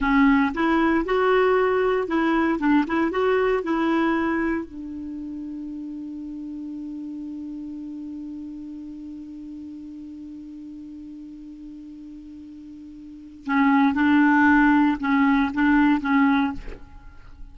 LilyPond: \new Staff \with { instrumentName = "clarinet" } { \time 4/4 \tempo 4 = 116 cis'4 e'4 fis'2 | e'4 d'8 e'8 fis'4 e'4~ | e'4 d'2.~ | d'1~ |
d'1~ | d'1~ | d'2 cis'4 d'4~ | d'4 cis'4 d'4 cis'4 | }